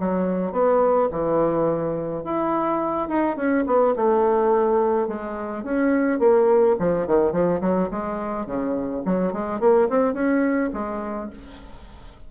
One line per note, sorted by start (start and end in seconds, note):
0.00 0.52 F#3
0.52 1.09 B3
1.11 2.24 E3
2.24 3.09 E4
3.09 3.37 D#4
3.37 3.65 C#4
3.67 3.95 B3
3.96 5.08 A3
5.08 5.64 G#3
5.64 6.20 C#4
6.20 6.76 A#3
6.80 7.07 F3
7.07 7.32 D#3
7.32 7.61 F3
7.61 7.89 F#3
7.91 8.46 G#3
8.46 9.03 C#3
9.05 9.33 F#3
9.33 9.60 G#3
9.60 9.89 A#3
9.90 10.14 C4
10.14 10.70 C#4
10.73 11.30 G#3